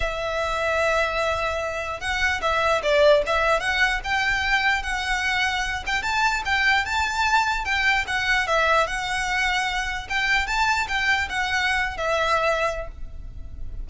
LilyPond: \new Staff \with { instrumentName = "violin" } { \time 4/4 \tempo 4 = 149 e''1~ | e''4 fis''4 e''4 d''4 | e''4 fis''4 g''2 | fis''2~ fis''8 g''8 a''4 |
g''4 a''2 g''4 | fis''4 e''4 fis''2~ | fis''4 g''4 a''4 g''4 | fis''4.~ fis''16 e''2~ e''16 | }